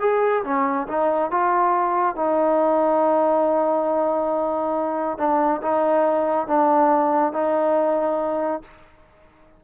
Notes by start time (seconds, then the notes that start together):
0.00 G#4
0.44 C#4
0.88 D#4
1.31 F4
2.16 D#4
5.18 D4
5.62 D#4
6.47 D4
7.33 D#4